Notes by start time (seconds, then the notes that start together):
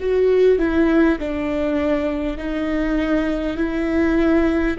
0.00 F#4
0.59 E4
1.19 D4
2.37 D#4
3.57 E4